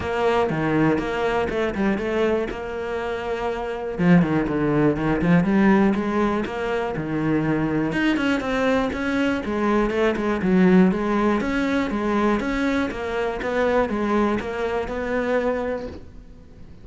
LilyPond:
\new Staff \with { instrumentName = "cello" } { \time 4/4 \tempo 4 = 121 ais4 dis4 ais4 a8 g8 | a4 ais2. | f8 dis8 d4 dis8 f8 g4 | gis4 ais4 dis2 |
dis'8 cis'8 c'4 cis'4 gis4 | a8 gis8 fis4 gis4 cis'4 | gis4 cis'4 ais4 b4 | gis4 ais4 b2 | }